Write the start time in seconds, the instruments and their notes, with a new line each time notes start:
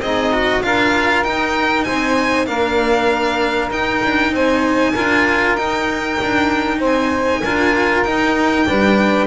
0.00 double bass C4, saxophone D#4, cello G#4, violin D#5
0.32 cello F#4
0.62 double bass D4, cello F4, saxophone A#4, violin F5
1.23 cello D#4, double bass D#4, violin G5
1.84 double bass C4, saxophone C5, violin G#5
2.46 double bass A#3, cello D4, saxophone A#4, violin F5
3.70 double bass D#4, cello D#4, violin G5
4.03 double bass D4
4.31 double bass C4, saxophone C5, violin G#5
4.93 double bass D4, cello F4, saxophone A#4
5.56 double bass D#4, cello D#4, violin G5
6.21 double bass D4
6.79 double bass C4, saxophone C5, violin G#5
7.44 double bass D4, cello F4, saxophone A#4
8.03 double bass D#4, cello D#4, violin G5
8.66 double bass G3, cello D4, saxophone B4